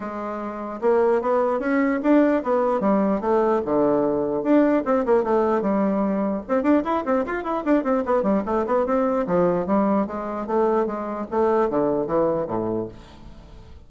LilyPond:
\new Staff \with { instrumentName = "bassoon" } { \time 4/4 \tempo 4 = 149 gis2 ais4 b4 | cis'4 d'4 b4 g4 | a4 d2 d'4 | c'8 ais8 a4 g2 |
c'8 d'8 e'8 c'8 f'8 e'8 d'8 c'8 | b8 g8 a8 b8 c'4 f4 | g4 gis4 a4 gis4 | a4 d4 e4 a,4 | }